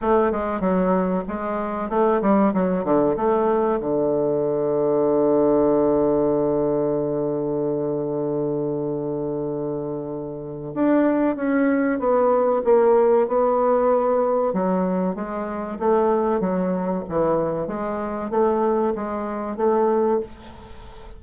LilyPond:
\new Staff \with { instrumentName = "bassoon" } { \time 4/4 \tempo 4 = 95 a8 gis8 fis4 gis4 a8 g8 | fis8 d8 a4 d2~ | d1~ | d1~ |
d4 d'4 cis'4 b4 | ais4 b2 fis4 | gis4 a4 fis4 e4 | gis4 a4 gis4 a4 | }